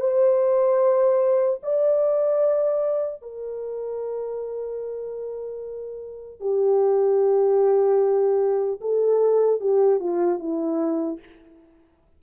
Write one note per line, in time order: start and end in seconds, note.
0.00 1.60 C5
1.63 3.22 D5
3.22 6.40 A#4
6.40 8.80 G4
8.81 9.60 A4
9.60 10.00 G4
10.00 10.39 F4
10.39 11.19 E4